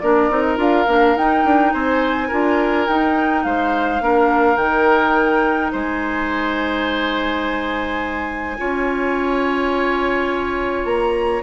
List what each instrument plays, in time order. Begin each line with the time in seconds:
0.00 bassoon A#3, clarinet D4, oboe A#4, flute D5
0.30 bassoon C4, clarinet D#4
0.42 flute D#5
0.57 bassoon D4, clarinet F4, flute F5
0.87 bassoon A#3, clarinet D4
1.15 bassoon D#4, clarinet D#4, flute G5
1.44 bassoon D4
1.73 bassoon C4, oboe C5, flute G#5
2.28 bassoon D4, clarinet F4, oboe A#4
2.87 bassoon D#4, clarinet D#4, flute G5
3.43 bassoon G#3, oboe C5, flute F5
4.00 bassoon A#3, clarinet D4, oboe A#4
4.56 bassoon D#3, clarinet D#4, flute G5
5.72 bassoon G#3, oboe C5, flute G#5
8.58 bassoon C#4, clarinet F4, oboe C#5
10.85 bassoon A#3, flute A#5